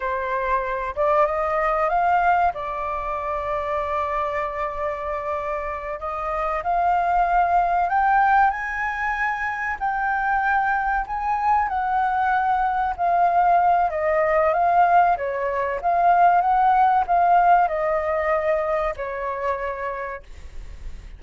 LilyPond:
\new Staff \with { instrumentName = "flute" } { \time 4/4 \tempo 4 = 95 c''4. d''8 dis''4 f''4 | d''1~ | d''4. dis''4 f''4.~ | f''8 g''4 gis''2 g''8~ |
g''4. gis''4 fis''4.~ | fis''8 f''4. dis''4 f''4 | cis''4 f''4 fis''4 f''4 | dis''2 cis''2 | }